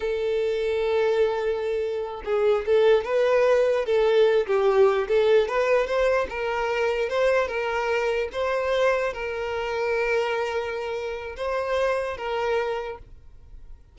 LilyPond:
\new Staff \with { instrumentName = "violin" } { \time 4/4 \tempo 4 = 148 a'1~ | a'4. gis'4 a'4 b'8~ | b'4. a'4. g'4~ | g'8 a'4 b'4 c''4 ais'8~ |
ais'4. c''4 ais'4.~ | ais'8 c''2 ais'4.~ | ais'1 | c''2 ais'2 | }